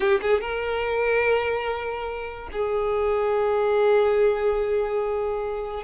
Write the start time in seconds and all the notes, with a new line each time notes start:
0.00 G4
0.21 G#4
0.40 A#4
2.52 G#4